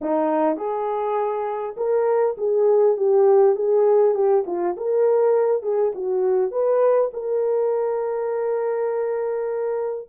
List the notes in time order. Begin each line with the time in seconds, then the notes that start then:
0.01 D#4
0.56 G#4
1.76 A#4
2.37 G#4
2.96 G4
3.55 G#4
4.14 G4
4.46 F4
4.76 A#4
5.62 G#4
5.95 F#4
6.51 B4
7.13 A#4